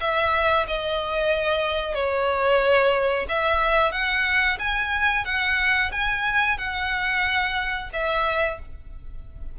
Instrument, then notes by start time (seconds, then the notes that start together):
violin
0.00 E5
0.67 D#5
1.95 C#5
3.28 E5
3.92 F#5
4.59 G#5
5.25 F#5
5.92 G#5
6.58 F#5
7.93 E5